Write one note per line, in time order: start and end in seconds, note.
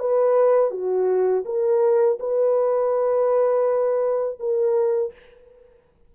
0.00 0.71 B4
0.71 1.44 F#4
1.45 2.19 A#4
2.20 4.39 B4
4.40 5.13 A#4